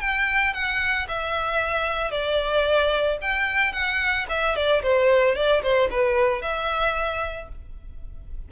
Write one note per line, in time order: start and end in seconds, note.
0.00 0.53 G5
0.53 1.07 F#5
1.08 2.11 E5
2.11 3.18 D5
3.21 3.73 G5
3.73 4.26 F#5
4.29 4.55 E5
4.55 4.82 D5
4.82 5.35 C5
5.35 5.62 D5
5.62 5.89 C5
5.90 6.41 B4
6.41 7.49 E5